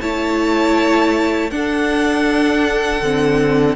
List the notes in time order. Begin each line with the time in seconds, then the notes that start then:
0.00 A3 E4 C#5 A5
1.50 D4 A4 F#5
3.01 D3 C4